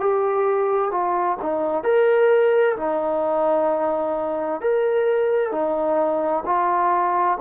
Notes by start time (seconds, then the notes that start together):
0.00 G4
0.91 F4
1.42 D#4
1.84 A#4
2.77 D#4
4.61 A#4
5.51 D#4
6.46 F4